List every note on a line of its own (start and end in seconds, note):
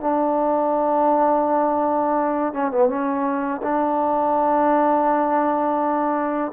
0.00 2.53 D4
2.53 2.71 C#4
2.71 2.88 B3
2.88 3.61 C#4
3.62 6.52 D4